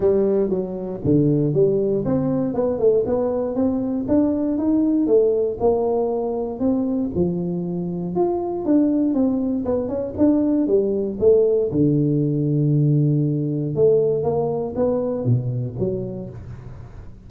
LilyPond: \new Staff \with { instrumentName = "tuba" } { \time 4/4 \tempo 4 = 118 g4 fis4 d4 g4 | c'4 b8 a8 b4 c'4 | d'4 dis'4 a4 ais4~ | ais4 c'4 f2 |
f'4 d'4 c'4 b8 cis'8 | d'4 g4 a4 d4~ | d2. a4 | ais4 b4 b,4 fis4 | }